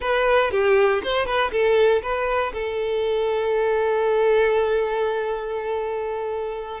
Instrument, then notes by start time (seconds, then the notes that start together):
violin
0.00 B4
0.51 G4
1.03 C5
1.26 B4
1.51 A4
2.02 B4
2.53 A4